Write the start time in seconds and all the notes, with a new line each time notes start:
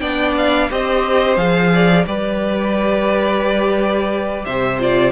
0.00 B3 D4 D5 G5
0.37 F5
0.70 C4 G4 C5 D#5
1.36 F3 G#4 F5
1.74 D5
2.06 G3 G4 B4 D5
4.45 C3 C5 E5
4.80 F4 D5